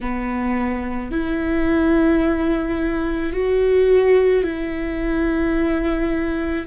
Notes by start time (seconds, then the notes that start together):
0.00 B3
1.11 E4
3.32 F#4
4.43 E4